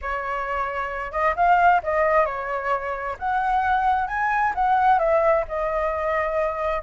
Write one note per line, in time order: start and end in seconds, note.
0.01 1.11 C#5
1.11 1.34 D#5
1.36 1.81 F5
1.83 2.25 D#5
2.25 3.16 C#5
3.19 4.07 F#5
4.07 4.53 G#5
4.54 4.99 F#5
4.99 5.44 E5
5.48 6.82 D#5